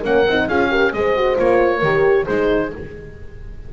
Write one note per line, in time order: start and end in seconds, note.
0.00 0.27 A#3
0.00 0.25 C#4
0.00 0.44 A#4
0.00 0.49 F#5
0.27 0.49 C4
0.27 0.50 D#4
0.47 0.93 C#4
0.47 0.69 F4
0.47 0.69 G#4
0.47 0.93 F5
0.69 0.92 G4
0.69 0.94 A#4
0.93 1.38 G#3
0.93 1.17 G#4
0.93 1.78 C5
0.93 1.38 D#5
1.17 1.36 F#4
1.36 1.82 A#3
1.36 1.81 F4
1.36 2.26 C#5
1.78 2.27 D#3
1.78 2.28 G4
1.78 2.23 A#4
2.25 2.73 G#3
2.25 2.73 D#4
2.25 2.69 G#4
2.25 2.71 C5